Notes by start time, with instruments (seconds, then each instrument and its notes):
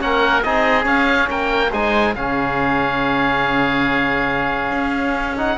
0.00 cello A#3, trombone C#4, oboe A#4 F#5
0.42 cello C4, trombone D#4, oboe G#4 D#5
0.83 trombone C#4, cello C#4, oboe F5
1.30 cello A#3, oboe A#4 G5
1.71 cello G#3, trombone D#4, oboe C5 G#5
2.16 cello C#3, trombone C#4, oboe G#4 F5
4.71 cello C#4
5.37 trombone D#4, oboe F#5